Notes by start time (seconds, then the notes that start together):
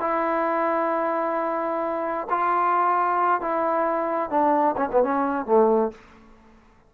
0.00 E4
2.30 F4
3.41 E4
4.30 D4
4.77 C#4
4.92 B3
5.03 C#4
5.46 A3